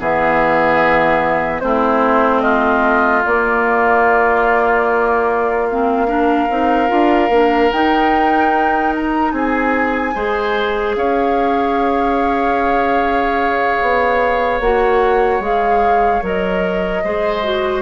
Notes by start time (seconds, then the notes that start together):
0.00 E3 B3 G#4 E5
1.60 A3 C4 E4 C5
2.41 F4 D#5
3.25 A#3 D5
5.70 C4 F5
6.08 D4 A#4
6.49 C4 D#4
6.88 D4 F4
7.30 A#3 D4
7.72 D#4 G5
8.96 A#5
9.32 C4 G#4 G#5
10.15 G#3 G#4 C5
10.96 C#4 C#5 F5
13.82 B3
14.60 A#3 F#4 F#5
15.40 G#3 G#4 F5
16.22 F#3 A#4 D#5
17.04 G#3 G#4 C5
17.43 F#4